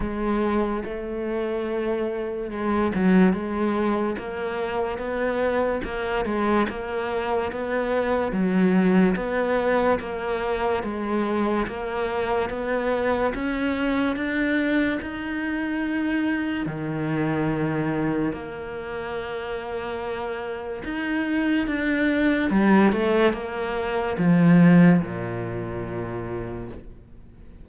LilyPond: \new Staff \with { instrumentName = "cello" } { \time 4/4 \tempo 4 = 72 gis4 a2 gis8 fis8 | gis4 ais4 b4 ais8 gis8 | ais4 b4 fis4 b4 | ais4 gis4 ais4 b4 |
cis'4 d'4 dis'2 | dis2 ais2~ | ais4 dis'4 d'4 g8 a8 | ais4 f4 ais,2 | }